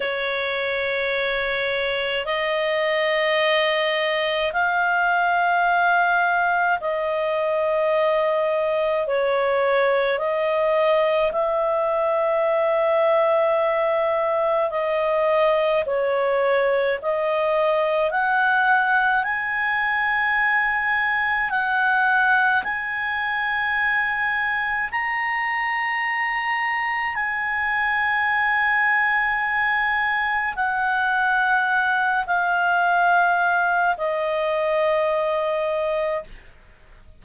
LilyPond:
\new Staff \with { instrumentName = "clarinet" } { \time 4/4 \tempo 4 = 53 cis''2 dis''2 | f''2 dis''2 | cis''4 dis''4 e''2~ | e''4 dis''4 cis''4 dis''4 |
fis''4 gis''2 fis''4 | gis''2 ais''2 | gis''2. fis''4~ | fis''8 f''4. dis''2 | }